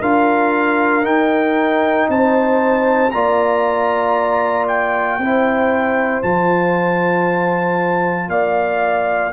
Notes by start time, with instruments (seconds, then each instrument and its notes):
0.00 tuba D4, trombone F4, horn A#4, trumpet F5
1.03 trombone D#4, tuba D#4, trumpet G5
2.08 tuba C4, horn C5, trumpet A5
3.11 tuba A#3, trombone F4, horn D5, trumpet A#5
4.67 trumpet G5
5.18 tuba C4, trombone E4, horn C5
6.22 tuba F3, trombone F4, trumpet A5
8.28 tuba A#3, horn D5, trumpet F5